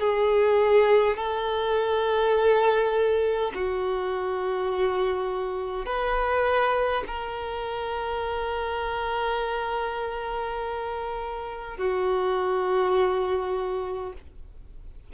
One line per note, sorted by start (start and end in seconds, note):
0.00 1.17 G#4
1.17 3.52 A4
3.55 5.86 F#4
5.86 7.04 B4
7.07 11.78 A#4
11.78 14.13 F#4